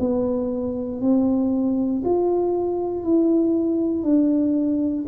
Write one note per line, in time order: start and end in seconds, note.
0.00 1.01 B3
1.01 2.03 C4
2.05 3.04 F4
3.04 4.04 E4
4.04 5.05 D4